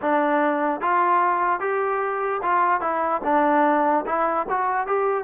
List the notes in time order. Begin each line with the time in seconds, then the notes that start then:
0.01 D4
0.81 F4
1.60 G4
2.42 F4
2.80 E4
3.24 D4
4.05 E4
4.49 F#4
4.86 G4